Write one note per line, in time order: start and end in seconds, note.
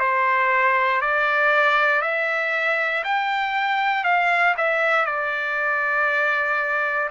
0.00 1.02 C5
1.02 2.02 D5
2.02 3.04 E5
3.04 4.04 G5
4.04 4.55 F5
4.58 5.06 E5
5.06 7.10 D5